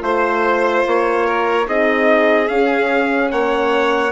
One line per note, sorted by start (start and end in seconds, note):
0.00 0.84 A3
0.00 1.64 F4
0.00 0.85 C5
0.00 1.26 C5
0.87 1.67 A#3
0.87 1.68 C#5
1.26 1.67 A#4
1.66 2.49 C4
1.66 2.48 D#4
1.66 3.32 G#4
1.66 2.48 D#5
2.48 3.31 C#4
2.48 4.12 C#4
2.48 3.30 F5
3.31 4.12 A#3
3.31 4.12 C#5
3.31 4.12 F#5